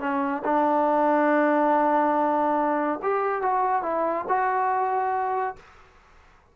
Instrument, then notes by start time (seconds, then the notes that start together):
trombone
0.00 C#4
0.45 D4
3.03 G4
3.42 F#4
3.83 E4
4.28 F#4